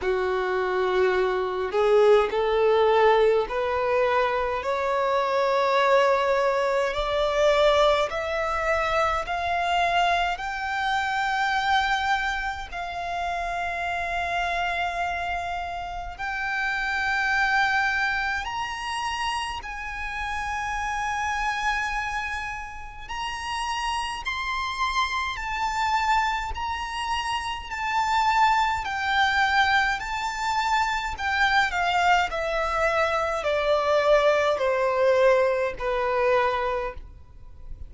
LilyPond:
\new Staff \with { instrumentName = "violin" } { \time 4/4 \tempo 4 = 52 fis'4. gis'8 a'4 b'4 | cis''2 d''4 e''4 | f''4 g''2 f''4~ | f''2 g''2 |
ais''4 gis''2. | ais''4 c'''4 a''4 ais''4 | a''4 g''4 a''4 g''8 f''8 | e''4 d''4 c''4 b'4 | }